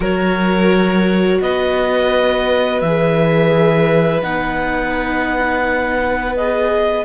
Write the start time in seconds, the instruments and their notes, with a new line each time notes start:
0.00 cello F#3, viola F#4, violin A#4, clarinet C#5
1.41 cello B3, violin B4, clarinet D#5
2.79 cello E3, viola G#4, clarinet E5
4.20 cello B3, viola D#4, clarinet F#5
6.36 viola G#4, clarinet D#5